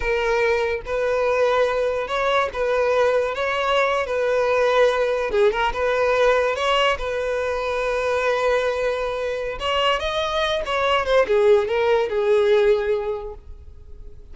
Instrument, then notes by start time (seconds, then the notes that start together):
violin
0.00 A#4
0.85 B4
2.07 C#5
2.53 B4
3.34 C#5
4.06 B4
5.30 G#4
5.51 A#4
5.73 B4
6.55 C#5
6.98 B4
9.59 C#5
9.99 D#5
10.65 C#5
11.05 C5
11.27 G#4
11.68 A#4
12.09 G#4